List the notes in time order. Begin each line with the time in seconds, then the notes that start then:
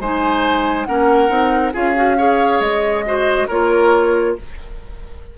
0.00 G#3 D#4 C5 G#5
0.85 A#3 C#4 A#4 F#5
1.29 C4 D#4
1.73 C#4 F4 G#4 F5
1.96 F#4
2.18 G#4 C#5
2.60 G#3 D#5
3.05 F#4 C5
3.48 A#3 F4 A#4 C#5